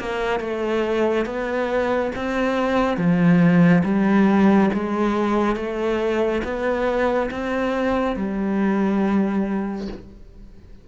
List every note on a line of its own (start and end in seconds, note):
0.00 0.41 A#3
0.41 1.26 A3
1.26 2.12 B3
2.16 2.98 C4
2.98 3.83 F3
3.85 4.70 G3
4.74 5.57 G#3
5.57 6.42 A3
6.44 7.30 B3
7.31 8.17 C4
8.17 9.88 G3